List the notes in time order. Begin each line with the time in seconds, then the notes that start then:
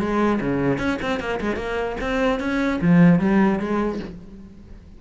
0.00 G#3
0.41 C#3
0.78 C#4
1.02 C4
1.20 A#3
1.41 G#3
1.56 A#3
2.01 C4
2.40 C#4
2.81 F3
3.19 G3
3.60 G#3